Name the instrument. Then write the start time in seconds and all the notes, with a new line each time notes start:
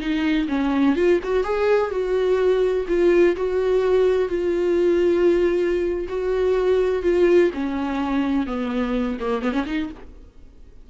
viola
0.00 D#4
0.48 C#4
0.96 F4
1.23 F#4
1.44 G#4
1.90 F#4
2.88 F4
3.36 F#4
4.29 F4
6.09 F#4
7.03 F4
7.54 C#4
8.46 B3
9.20 A#3
9.42 B3
9.53 C#4
9.66 D#4